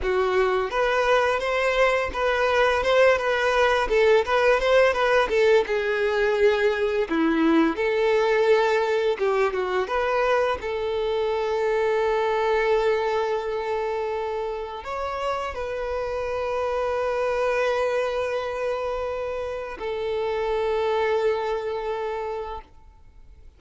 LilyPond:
\new Staff \with { instrumentName = "violin" } { \time 4/4 \tempo 4 = 85 fis'4 b'4 c''4 b'4 | c''8 b'4 a'8 b'8 c''8 b'8 a'8 | gis'2 e'4 a'4~ | a'4 g'8 fis'8 b'4 a'4~ |
a'1~ | a'4 cis''4 b'2~ | b'1 | a'1 | }